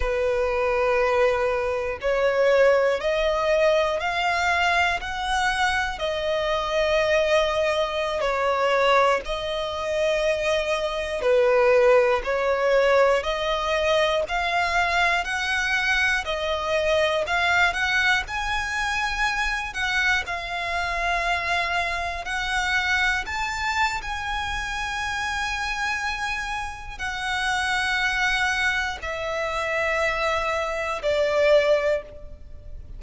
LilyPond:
\new Staff \with { instrumentName = "violin" } { \time 4/4 \tempo 4 = 60 b'2 cis''4 dis''4 | f''4 fis''4 dis''2~ | dis''16 cis''4 dis''2 b'8.~ | b'16 cis''4 dis''4 f''4 fis''8.~ |
fis''16 dis''4 f''8 fis''8 gis''4. fis''16~ | fis''16 f''2 fis''4 a''8. | gis''2. fis''4~ | fis''4 e''2 d''4 | }